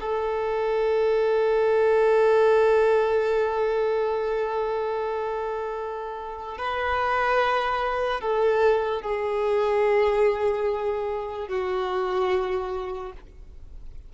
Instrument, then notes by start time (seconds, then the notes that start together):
violin
0.00 A4
6.58 B4
8.20 A4
9.01 G#4
11.48 F#4